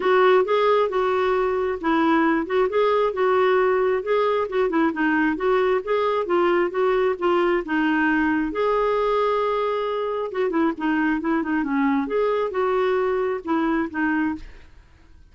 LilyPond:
\new Staff \with { instrumentName = "clarinet" } { \time 4/4 \tempo 4 = 134 fis'4 gis'4 fis'2 | e'4. fis'8 gis'4 fis'4~ | fis'4 gis'4 fis'8 e'8 dis'4 | fis'4 gis'4 f'4 fis'4 |
f'4 dis'2 gis'4~ | gis'2. fis'8 e'8 | dis'4 e'8 dis'8 cis'4 gis'4 | fis'2 e'4 dis'4 | }